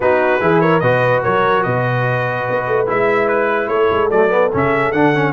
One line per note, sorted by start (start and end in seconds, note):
0.00 0.39 B3
0.00 0.40 D#4
0.00 0.41 F#4
0.00 0.60 B4
0.40 0.82 E3
0.40 0.81 E4
0.40 0.61 G#4
0.60 0.81 A#4
0.60 0.80 C#5
0.80 1.23 B2
0.80 2.86 F#4
0.80 1.22 B4
0.80 1.21 D#5
1.22 1.66 F#3
1.22 1.63 A#4
1.22 1.63 C#5
1.63 2.48 B2
1.63 3.68 B4
1.63 2.86 D#5
2.49 2.67 B3
2.67 2.88 A3
2.86 3.68 G#3
2.86 4.10 E4
2.86 3.28 E5
3.28 3.68 B4
3.68 3.88 A3
3.68 5.32 A4
3.68 4.09 C#5
3.91 4.11 G#3
4.10 4.52 F#3
4.10 4.29 A3
4.10 4.51 D5
4.29 4.49 B3
4.52 4.92 C#3
4.52 4.93 C#4
4.52 4.92 E5
4.92 5.32 D3
4.92 5.14 D4
4.92 5.32 F#5
5.14 5.32 C#4